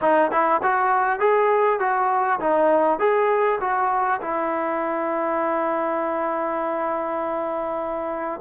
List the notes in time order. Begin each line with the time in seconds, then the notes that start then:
0.01 D#4
0.31 E4
0.62 F#4
1.19 G#4
1.79 F#4
2.40 D#4
2.99 G#4
3.60 F#4
4.21 E4